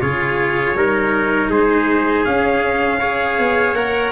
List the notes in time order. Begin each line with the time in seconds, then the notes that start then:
0.00 C#3 F4 G#4 C#5
0.75 G3 D#4 A#4
1.49 G#3 G#4 C5
2.24 C#4 F5
2.99 G#4 C#5
3.38 B3
3.73 A#3 A#4 F#5